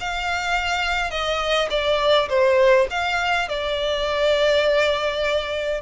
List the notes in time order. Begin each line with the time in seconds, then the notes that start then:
0.00 F5
1.10 D#5
1.70 D5
2.29 C5
2.90 F5
3.48 D5